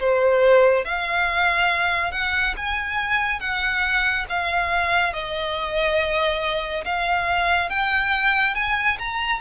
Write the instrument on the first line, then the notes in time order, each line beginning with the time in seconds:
violin
0.00 C5
0.85 F5
2.12 F#5
2.57 G#5
3.41 F#5
4.30 F5
5.14 D#5
6.85 F5
7.70 G5
8.55 G#5
8.99 A#5